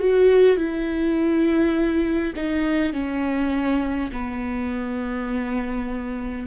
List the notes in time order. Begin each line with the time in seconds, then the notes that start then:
0.00 F#4
0.57 E4
2.36 D#4
2.93 C#4
4.12 B3